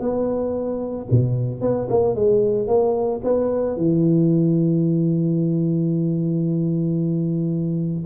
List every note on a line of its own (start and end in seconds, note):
0.00 1.07 B3
1.12 1.61 B2
1.61 1.88 B3
1.90 2.15 A#3
2.15 2.68 G#3
2.68 3.21 A#3
3.24 3.77 B3
3.77 8.06 E3